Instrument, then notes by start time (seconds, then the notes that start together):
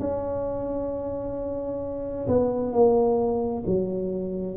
tuba
0.00 C#4
2.28 B3
2.73 A#3
3.67 F#3